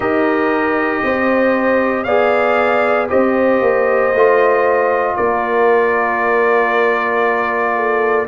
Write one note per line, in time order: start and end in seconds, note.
0.00 1.02 D#4
0.00 2.06 G4
0.00 1.03 A#4
0.00 2.03 D#5
1.03 2.06 C4
1.03 2.04 C5
2.03 3.09 B3
2.03 3.08 G#4
2.03 3.07 D5
2.03 3.06 F5
3.08 3.61 C4
3.08 4.11 G4
3.08 5.16 C5
3.08 5.16 D#5
3.61 4.12 A#3
4.12 5.16 A3
4.12 8.27 F4
5.16 8.27 A#3
5.16 7.75 A#4
5.16 8.26 D5
7.75 8.27 A4